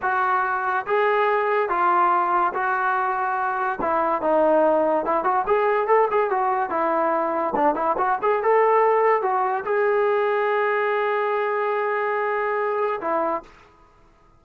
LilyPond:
\new Staff \with { instrumentName = "trombone" } { \time 4/4 \tempo 4 = 143 fis'2 gis'2 | f'2 fis'2~ | fis'4 e'4 dis'2 | e'8 fis'8 gis'4 a'8 gis'8 fis'4 |
e'2 d'8 e'8 fis'8 gis'8 | a'2 fis'4 gis'4~ | gis'1~ | gis'2. e'4 | }